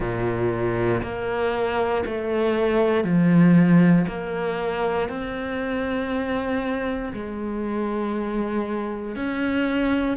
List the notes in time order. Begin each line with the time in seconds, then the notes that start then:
0.00 A#2
1.02 A#3
2.05 A3
3.04 F3
4.07 A#3
5.08 C4
7.13 G#3
9.15 C#4